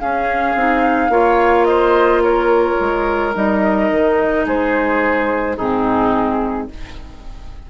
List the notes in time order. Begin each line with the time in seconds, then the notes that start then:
0.00 C#4 G#4 F5
0.55 C4 D#4
1.09 A#3 F4 C#5
1.65 C5 D#5
2.23 A#4 C#5
2.80 G#3
3.34 G3 D#4 D#5
3.91 D#3
4.46 G#3 G#4 C5
5.57 G#2 C4 D#4 G#4